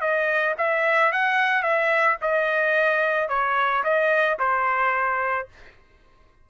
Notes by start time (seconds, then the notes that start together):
0.00 D#5
0.57 E5
1.12 F#5
1.62 E5
2.21 D#5
3.28 C#5
3.83 D#5
4.39 C5